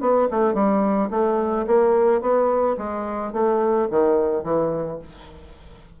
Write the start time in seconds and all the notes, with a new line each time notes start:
0.00 B3
0.30 A3
0.54 G3
1.10 A3
1.66 A#3
2.20 B3
2.77 G#3
3.33 A3
3.90 D#3
4.43 E3